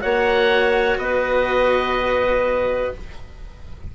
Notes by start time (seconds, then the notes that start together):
0.00 A#3 F#4 C#5 F#5
0.97 B3 B4 D#5